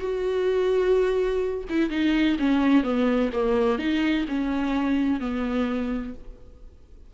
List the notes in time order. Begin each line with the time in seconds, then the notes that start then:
0.00 F#4
1.69 E4
1.90 D#4
2.39 C#4
2.83 B3
3.33 A#3
3.78 D#4
4.28 C#4
5.20 B3